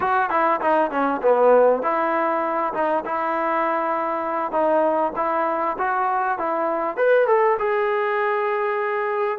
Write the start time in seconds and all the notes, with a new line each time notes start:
0.00 F#4
0.30 E4
0.60 D#4
0.90 C#4
1.21 B3
1.82 E4
2.73 D#4
3.05 E4
4.52 D#4
5.16 E4
5.77 F#4
6.38 E4
6.96 B4
7.27 A4
7.59 G#4